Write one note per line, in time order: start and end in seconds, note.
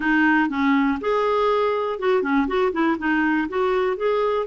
0.00 0.49 D#4
0.49 0.98 C#4
1.00 1.99 G#4
1.99 2.22 F#4
2.22 2.47 C#4
2.47 2.72 F#4
2.72 2.97 E4
2.98 3.48 D#4
3.48 3.96 F#4
3.96 4.46 G#4